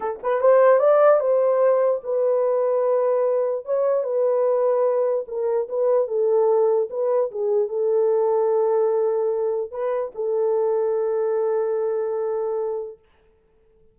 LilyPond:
\new Staff \with { instrumentName = "horn" } { \time 4/4 \tempo 4 = 148 a'8 b'8 c''4 d''4 c''4~ | c''4 b'2.~ | b'4 cis''4 b'2~ | b'4 ais'4 b'4 a'4~ |
a'4 b'4 gis'4 a'4~ | a'1 | b'4 a'2.~ | a'1 | }